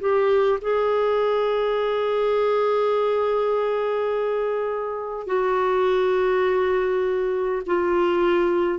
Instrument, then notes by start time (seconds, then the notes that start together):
clarinet
0.00 G4
0.61 G#4
5.27 F#4
7.66 F4